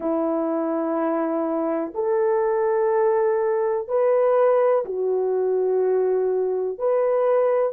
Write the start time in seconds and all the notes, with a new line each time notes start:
0.00 E4
1.94 A4
3.88 B4
4.85 F#4
6.78 B4